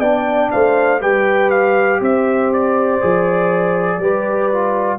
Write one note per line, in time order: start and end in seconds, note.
0.00 0.50 B3
0.00 1.01 D4
0.00 0.50 D5
0.00 0.50 G5
0.51 1.02 A3
0.51 1.01 C5
0.51 1.01 F5
1.01 2.01 G3
1.01 3.01 G4
1.01 2.01 B4
1.01 1.50 G5
1.50 2.00 F5
2.01 3.01 C4
2.01 4.01 C5
2.01 2.53 E5
2.53 4.99 D5
3.01 3.98 F3
3.01 4.01 G#4
3.98 4.98 G3
3.98 4.51 G4
3.98 4.99 B4
4.52 4.99 F4